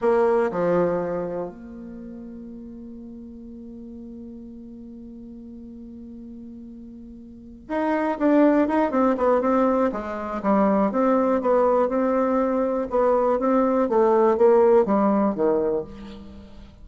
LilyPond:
\new Staff \with { instrumentName = "bassoon" } { \time 4/4 \tempo 4 = 121 ais4 f2 ais4~ | ais1~ | ais1~ | ais2.~ ais8 dis'8~ |
dis'8 d'4 dis'8 c'8 b8 c'4 | gis4 g4 c'4 b4 | c'2 b4 c'4 | a4 ais4 g4 dis4 | }